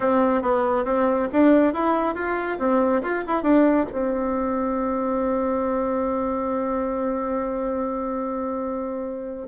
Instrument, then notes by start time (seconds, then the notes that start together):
bassoon
0.00 C4
0.42 B3
0.84 C4
1.32 D4
1.73 E4
2.14 F4
2.59 C4
3.02 F4
3.26 E4
3.42 D4
3.91 C4